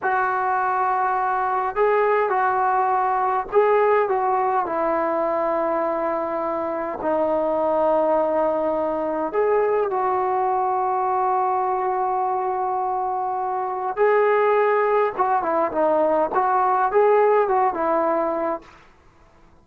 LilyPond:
\new Staff \with { instrumentName = "trombone" } { \time 4/4 \tempo 4 = 103 fis'2. gis'4 | fis'2 gis'4 fis'4 | e'1 | dis'1 |
gis'4 fis'2.~ | fis'1 | gis'2 fis'8 e'8 dis'4 | fis'4 gis'4 fis'8 e'4. | }